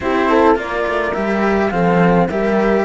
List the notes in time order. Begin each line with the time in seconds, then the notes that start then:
0.00 C4 E4 G4 C5
0.29 A4
0.55 A#3 F4 A#4 D5
0.87 A3
1.13 G3 G4 E5
1.70 F3 C4 A4 F5
2.29 G3 G4 A#4 E5